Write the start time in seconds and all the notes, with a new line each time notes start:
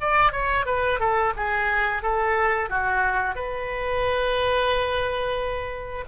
0.00 D5
0.32 C#5
0.66 B4
0.99 A4
1.36 G#4
2.02 A4
2.69 F#4
3.35 B4